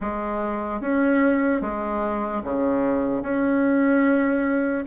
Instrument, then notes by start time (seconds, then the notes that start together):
bassoon
0.00 G#3
0.81 C#4
1.61 G#3
2.43 C#3
3.22 C#4